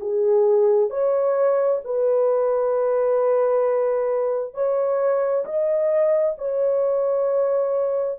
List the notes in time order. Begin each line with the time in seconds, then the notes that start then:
0.00 G#4
0.90 C#5
1.84 B4
4.54 C#5
5.45 D#5
6.38 C#5